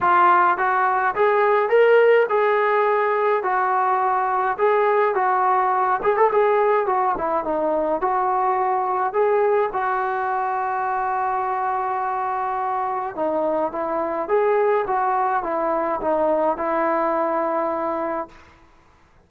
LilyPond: \new Staff \with { instrumentName = "trombone" } { \time 4/4 \tempo 4 = 105 f'4 fis'4 gis'4 ais'4 | gis'2 fis'2 | gis'4 fis'4. gis'16 a'16 gis'4 | fis'8 e'8 dis'4 fis'2 |
gis'4 fis'2.~ | fis'2. dis'4 | e'4 gis'4 fis'4 e'4 | dis'4 e'2. | }